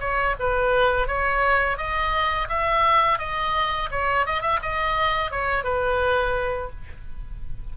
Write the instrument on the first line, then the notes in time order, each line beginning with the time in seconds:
oboe
0.00 C#5
0.39 B4
1.07 C#5
1.77 D#5
2.49 E5
3.19 D#5
3.91 C#5
4.26 D#5
4.42 E5
4.62 D#5
5.31 C#5
5.64 B4